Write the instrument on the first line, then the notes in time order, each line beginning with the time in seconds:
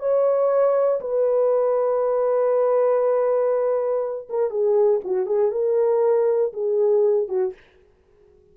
horn
0.00 C#5
1.01 B4
4.30 A#4
4.51 G#4
5.05 F#4
5.27 G#4
5.52 A#4
6.53 G#4
7.29 F#4